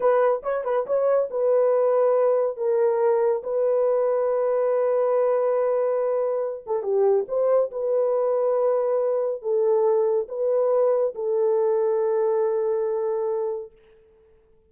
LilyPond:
\new Staff \with { instrumentName = "horn" } { \time 4/4 \tempo 4 = 140 b'4 cis''8 b'8 cis''4 b'4~ | b'2 ais'2 | b'1~ | b'2.~ b'8 a'8 |
g'4 c''4 b'2~ | b'2 a'2 | b'2 a'2~ | a'1 | }